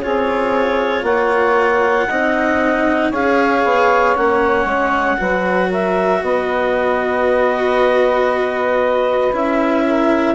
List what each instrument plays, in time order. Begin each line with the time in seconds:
0.00 bassoon C4, cello F4, saxophone G#4, clarinet C#5
1.02 bassoon A#3, saxophone C#5, clarinet F#5
2.08 bassoon C4, cello D#4, saxophone D#5
3.10 bassoon C#4, cello G#4, saxophone C#5, clarinet F5
3.64 bassoon B3
4.15 bassoon A#3, cello C#4, clarinet F#5
4.64 bassoon G#3
5.17 bassoon F#3, cello F#4, saxophone B4
5.68 saxophone A#4, clarinet E5
6.21 bassoon B3, saxophone B4, clarinet D#5
9.32 bassoon C#4, cello E4, clarinet E5
9.86 saxophone A#4